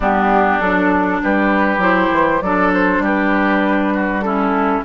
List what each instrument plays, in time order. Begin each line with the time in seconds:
0.00 bassoon G3, clarinet B3, oboe D4, flute G4
0.59 bassoon F#3, clarinet D4, flute A4
1.23 bassoon G3, oboe G4, flute B4
1.78 bassoon F#3, clarinet E4, flute C5
2.11 bassoon E3
2.41 bassoon F#3, clarinet D4, oboe A4, flute D5
2.73 flute C5
2.98 bassoon G3, oboe G4
3.05 flute B4
3.94 oboe F#4
4.21 clarinet C#4, oboe E4, flute A4